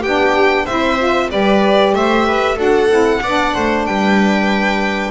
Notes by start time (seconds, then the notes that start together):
0.00 B3 D4 G4 G5
0.65 C4 E4 C5 E5
0.98 F4
1.29 G3 G4 B4 D5
1.93 A3 C5 E5
2.27 B4
2.55 D4 F#4 A4 F#5
2.89 C4 E4
3.22 B3 D4 D5
3.54 A3 C5
3.85 G3 B4 G5